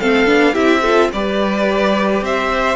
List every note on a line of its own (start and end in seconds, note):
0.00 0.27 A3
0.00 0.26 C4
0.00 0.53 A4
0.00 0.55 F5
0.26 0.55 B3
0.26 0.54 D4
0.53 1.12 C4
0.53 0.82 E4
0.53 0.81 G4
0.53 1.10 E5
0.81 1.13 F4
0.81 1.09 A4
1.13 2.21 G3
1.13 2.76 G4
1.13 2.24 B4
1.13 2.24 D5
2.21 2.76 C4
2.21 2.76 C5
2.21 2.76 E5